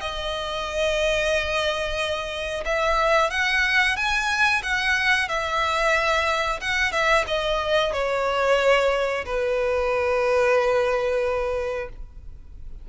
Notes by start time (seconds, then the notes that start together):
0.00 D#5
2.65 E5
3.30 F#5
3.96 G#5
4.63 F#5
5.28 E5
6.61 F#5
6.92 E5
7.27 D#5
7.92 C#5
9.25 B4